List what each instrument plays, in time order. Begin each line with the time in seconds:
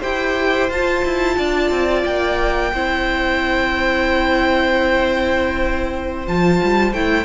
0.00 cello E4, viola G4, violin C5 G5
0.69 cello F4, viola F4, violin A5
1.04 cello E4
1.37 cello D4, violin D5
1.70 cello C4
2.04 cello A#3, violin G5
2.73 cello C4, viola E4, violin C5
6.26 cello F3, viola F4, violin A5
6.63 cello G3
6.93 cello A3, viola E4, violin G5